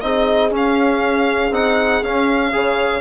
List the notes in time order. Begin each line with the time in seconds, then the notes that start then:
0.00 C4 D#4 G#4 D#5
0.50 C#4 F5
1.50 C4 D#4 F#5
2.02 C#4 F5
2.52 C#3 G#4 C#5